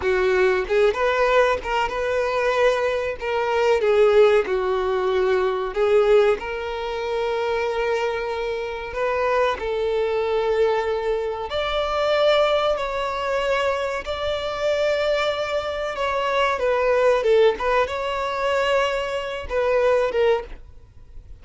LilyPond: \new Staff \with { instrumentName = "violin" } { \time 4/4 \tempo 4 = 94 fis'4 gis'8 b'4 ais'8 b'4~ | b'4 ais'4 gis'4 fis'4~ | fis'4 gis'4 ais'2~ | ais'2 b'4 a'4~ |
a'2 d''2 | cis''2 d''2~ | d''4 cis''4 b'4 a'8 b'8 | cis''2~ cis''8 b'4 ais'8 | }